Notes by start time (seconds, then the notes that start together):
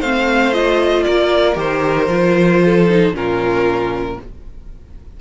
0.00 A3 C4 C5 F5
0.53 F4 D#5
1.04 A#3 A#4 D5
1.55 D#3 G4 C5
2.08 F3 F4
2.65 A4
2.89 D#4
3.13 A#2 C#4 F4 A#4